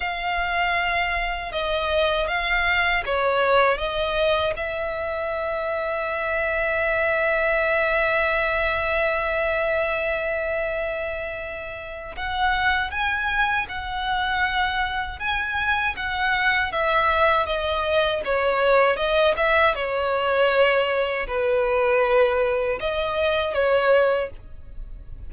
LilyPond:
\new Staff \with { instrumentName = "violin" } { \time 4/4 \tempo 4 = 79 f''2 dis''4 f''4 | cis''4 dis''4 e''2~ | e''1~ | e''1 |
fis''4 gis''4 fis''2 | gis''4 fis''4 e''4 dis''4 | cis''4 dis''8 e''8 cis''2 | b'2 dis''4 cis''4 | }